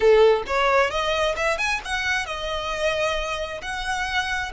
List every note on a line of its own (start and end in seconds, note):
0.00 0.43 A4
0.46 0.90 C#5
0.90 1.35 D#5
1.36 1.57 E5
1.57 1.80 G#5
1.84 2.26 F#5
2.26 3.61 D#5
3.61 4.52 F#5